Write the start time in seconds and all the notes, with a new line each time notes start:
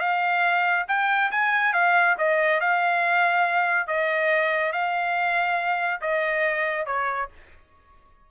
0.00 F5
0.88 G5
1.31 G#5
1.73 F5
2.18 D#5
2.60 F5
3.87 D#5
4.72 F5
6.01 D#5
6.86 C#5